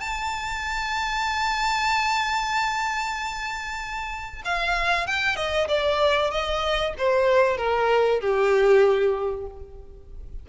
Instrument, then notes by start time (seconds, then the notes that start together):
violin
0.00 A5
4.45 F5
5.07 G5
5.36 D#5
5.68 D5
6.31 D#5
6.98 C5
7.58 A#4
8.20 G4